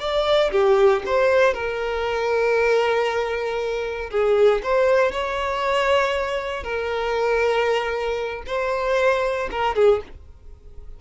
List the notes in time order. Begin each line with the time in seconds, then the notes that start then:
0.00 D5
0.52 G4
1.06 C5
1.54 A#4
4.11 G#4
4.63 C5
5.12 C#5
6.64 A#4
8.47 C5
9.51 A#4
9.76 G#4